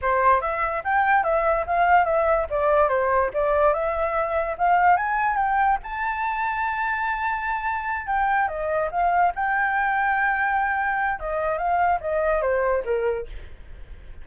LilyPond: \new Staff \with { instrumentName = "flute" } { \time 4/4 \tempo 4 = 145 c''4 e''4 g''4 e''4 | f''4 e''4 d''4 c''4 | d''4 e''2 f''4 | gis''4 g''4 a''2~ |
a''2.~ a''8 g''8~ | g''8 dis''4 f''4 g''4.~ | g''2. dis''4 | f''4 dis''4 c''4 ais'4 | }